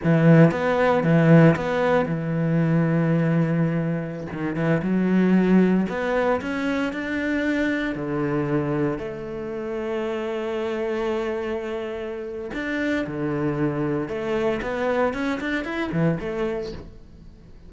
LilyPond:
\new Staff \with { instrumentName = "cello" } { \time 4/4 \tempo 4 = 115 e4 b4 e4 b4 | e1~ | e16 dis8 e8 fis2 b8.~ | b16 cis'4 d'2 d8.~ |
d4~ d16 a2~ a8.~ | a1 | d'4 d2 a4 | b4 cis'8 d'8 e'8 e8 a4 | }